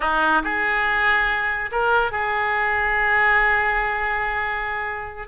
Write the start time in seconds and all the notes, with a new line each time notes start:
0.00 D#4
0.43 G#4
1.71 A#4
2.11 G#4